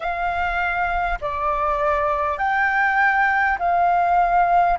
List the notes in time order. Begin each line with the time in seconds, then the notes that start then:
0.00 F5
1.21 D5
2.38 G5
3.58 F5